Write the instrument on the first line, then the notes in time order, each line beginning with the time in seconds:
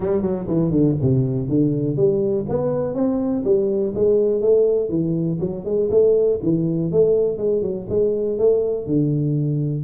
tuba
0.00 G3
0.21 F#3
0.47 E3
0.71 D3
1.01 C3
1.48 D3
1.96 G3
2.48 B3
2.94 C4
3.44 G3
3.94 G#3
4.41 A3
4.89 E3
5.40 F#3
5.64 G#3
5.90 A3
6.42 E3
6.91 A3
7.37 G#3
7.62 F#3
7.89 G#3
8.38 A3
8.86 D3